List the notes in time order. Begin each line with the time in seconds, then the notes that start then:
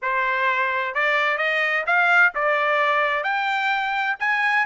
0.01 C5
0.94 D5
1.37 D#5
1.86 F5
2.34 D5
3.23 G5
4.19 G#5